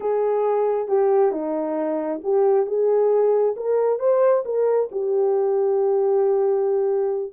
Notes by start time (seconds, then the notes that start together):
0.00 G#4
0.87 G4
1.31 D#4
2.23 G4
2.66 G#4
3.56 A#4
3.99 C5
4.45 A#4
4.91 G4